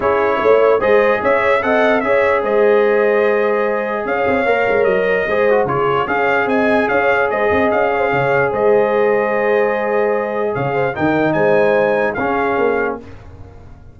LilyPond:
<<
  \new Staff \with { instrumentName = "trumpet" } { \time 4/4 \tempo 4 = 148 cis''2 dis''4 e''4 | fis''4 e''4 dis''2~ | dis''2 f''2 | dis''2 cis''4 f''4 |
gis''4 f''4 dis''4 f''4~ | f''4 dis''2.~ | dis''2 f''4 g''4 | gis''2 f''2 | }
  \new Staff \with { instrumentName = "horn" } { \time 4/4 gis'4 cis''4 c''4 cis''4 | dis''4 cis''4 c''2~ | c''2 cis''2~ | cis''4 c''4 gis'4 cis''4 |
dis''4 cis''4 c''8 dis''4 cis''16 c''16 | cis''4 c''2.~ | c''2 cis''8 c''8 ais'4 | c''2 gis'2 | }
  \new Staff \with { instrumentName = "trombone" } { \time 4/4 e'2 gis'2 | a'4 gis'2.~ | gis'2. ais'4~ | ais'4 gis'8 fis'8 f'4 gis'4~ |
gis'1~ | gis'1~ | gis'2. dis'4~ | dis'2 cis'2 | }
  \new Staff \with { instrumentName = "tuba" } { \time 4/4 cis'4 a4 gis4 cis'4 | c'4 cis'4 gis2~ | gis2 cis'8 c'8 ais8 gis8 | fis4 gis4 cis4 cis'4 |
c'4 cis'4 gis8 c'8 cis'4 | cis4 gis2.~ | gis2 cis4 dis4 | gis2 cis'4 ais4 | }
>>